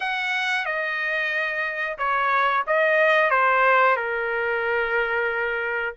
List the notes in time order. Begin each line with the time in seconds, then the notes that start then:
0.00 F#5
0.65 D#5
1.98 C#5
2.66 D#5
3.30 C5
3.96 A#4